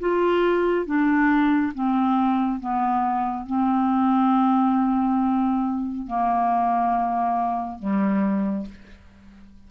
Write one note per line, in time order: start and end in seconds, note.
0.00 0.86 F4
0.86 1.73 D4
1.74 2.60 C4
2.60 3.46 B3
3.46 6.07 C4
6.07 7.79 A#3
7.79 8.66 G3